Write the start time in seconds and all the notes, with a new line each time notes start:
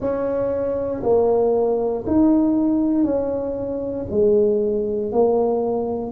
0.00 C#4
1.03 A#3
2.06 D#4
3.04 C#4
4.10 G#3
5.11 A#3